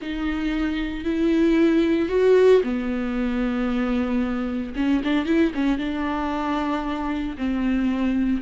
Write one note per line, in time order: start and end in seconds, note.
0.01 1.04 D#4
1.04 2.08 E4
2.08 2.61 F#4
2.63 4.74 B3
4.75 5.02 C#4
5.04 5.25 D4
5.25 5.51 E4
5.54 5.78 C#4
5.78 7.36 D4
7.37 8.41 C4